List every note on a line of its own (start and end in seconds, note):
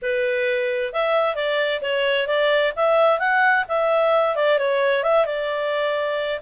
0.02 0.92 B4
0.92 1.35 E5
1.35 1.80 D5
1.81 2.27 C#5
2.27 2.73 D5
2.76 3.19 E5
3.19 3.64 F#5
3.68 4.35 E5
4.35 4.58 D5
4.58 5.03 C#5
5.03 5.25 E5
5.25 6.40 D5